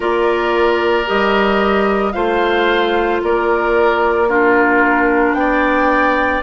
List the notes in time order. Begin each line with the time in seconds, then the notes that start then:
0.00 A#3 F4 A#4 D5
1.06 G3 G4 D#5
2.12 A3 F4 C5 F5
3.22 A#3 A#4 D5
4.28 D4 F4 A#4
5.33 B3 D5 G5